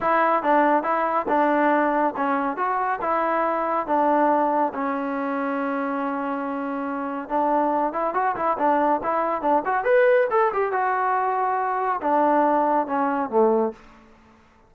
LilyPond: \new Staff \with { instrumentName = "trombone" } { \time 4/4 \tempo 4 = 140 e'4 d'4 e'4 d'4~ | d'4 cis'4 fis'4 e'4~ | e'4 d'2 cis'4~ | cis'1~ |
cis'4 d'4. e'8 fis'8 e'8 | d'4 e'4 d'8 fis'8 b'4 | a'8 g'8 fis'2. | d'2 cis'4 a4 | }